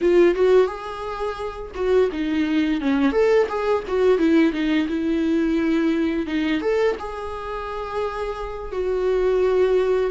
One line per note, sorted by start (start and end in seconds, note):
0.01 0.35 F4
0.35 0.67 F#4
0.67 1.71 G#4
1.74 2.09 F#4
2.12 2.81 D#4
2.81 3.12 C#4
3.12 3.47 A4
3.49 3.83 G#4
3.87 4.18 F#4
4.18 4.52 E4
4.52 4.87 D#4
4.88 6.26 E4
6.26 6.61 D#4
6.61 6.95 A4
6.99 8.72 G#4
8.72 10.10 F#4